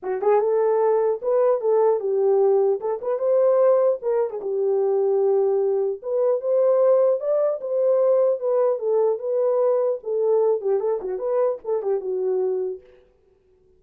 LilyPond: \new Staff \with { instrumentName = "horn" } { \time 4/4 \tempo 4 = 150 fis'8 gis'8 a'2 b'4 | a'4 g'2 a'8 b'8 | c''2 ais'8. gis'16 g'4~ | g'2. b'4 |
c''2 d''4 c''4~ | c''4 b'4 a'4 b'4~ | b'4 a'4. g'8 a'8 fis'8 | b'4 a'8 g'8 fis'2 | }